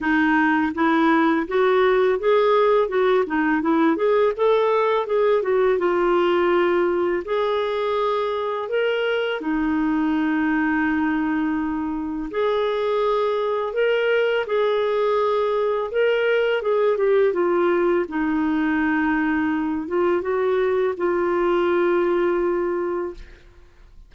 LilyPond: \new Staff \with { instrumentName = "clarinet" } { \time 4/4 \tempo 4 = 83 dis'4 e'4 fis'4 gis'4 | fis'8 dis'8 e'8 gis'8 a'4 gis'8 fis'8 | f'2 gis'2 | ais'4 dis'2.~ |
dis'4 gis'2 ais'4 | gis'2 ais'4 gis'8 g'8 | f'4 dis'2~ dis'8 f'8 | fis'4 f'2. | }